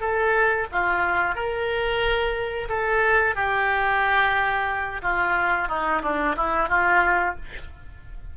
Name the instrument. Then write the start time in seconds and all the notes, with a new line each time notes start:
oboe
0.00 A4
0.72 F4
1.35 A#4
2.69 A4
3.35 G4
5.02 F4
5.68 D#4
6.02 D4
6.36 E4
6.69 F4